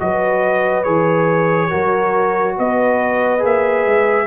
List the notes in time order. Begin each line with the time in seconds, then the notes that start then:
0.00 F#3 F#4 B4 D#5
0.83 E3 G#4 C#5
1.69 F#3 F#4 A#4
2.57 B3 B4 D#5
3.40 A#3 G#4 E5
3.86 G#3